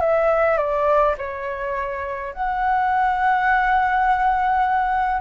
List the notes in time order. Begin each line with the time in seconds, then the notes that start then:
0.00 E5
0.57 D5
1.17 C#5
2.33 F#5